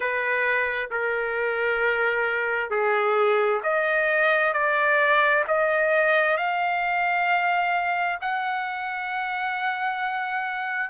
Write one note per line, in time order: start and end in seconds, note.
0.00 0.89 B4
0.90 2.70 A#4
2.70 3.61 G#4
3.63 4.53 D#5
4.53 5.44 D5
5.48 6.37 D#5
6.37 8.19 F5
8.21 10.90 F#5